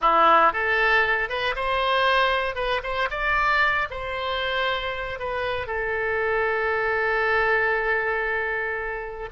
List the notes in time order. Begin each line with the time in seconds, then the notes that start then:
0.01 E4
0.52 A4
1.29 B4
1.55 C5
2.55 B4
2.83 C5
3.10 D5
3.90 C5
5.19 B4
5.67 A4